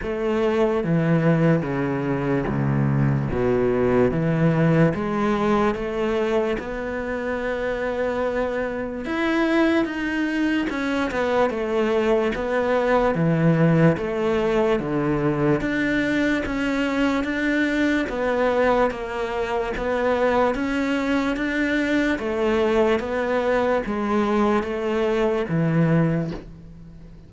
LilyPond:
\new Staff \with { instrumentName = "cello" } { \time 4/4 \tempo 4 = 73 a4 e4 cis4 cis,4 | b,4 e4 gis4 a4 | b2. e'4 | dis'4 cis'8 b8 a4 b4 |
e4 a4 d4 d'4 | cis'4 d'4 b4 ais4 | b4 cis'4 d'4 a4 | b4 gis4 a4 e4 | }